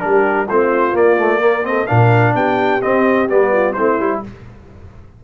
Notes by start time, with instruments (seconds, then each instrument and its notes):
0.00 tuba G3, trombone D4, horn G4, trumpet A#4
0.47 tuba A3, trombone C4, horn F4, trumpet C5
0.93 tuba A#3, trombone A#3, trumpet D5
1.17 trombone A3
1.40 trombone A#3, horn A#4
1.63 trombone C4, horn A4, trumpet D#5
1.87 tuba A#2, trombone D4, horn A#4, trumpet F5
2.35 tuba B3, horn G4, trumpet G5
2.82 trombone C4, tuba C4, trumpet D#5
3.29 tuba G3, trombone B3, trumpet D5
3.53 horn F4
3.73 tuba A3, trombone C4, horn E4, trumpet C5
4.00 tuba G3, trombone E4